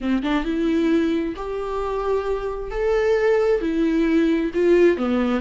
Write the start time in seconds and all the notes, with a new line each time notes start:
0.01 C4
0.22 D4
0.44 E4
1.36 G4
2.71 A4
3.61 E4
4.54 F4
4.97 B3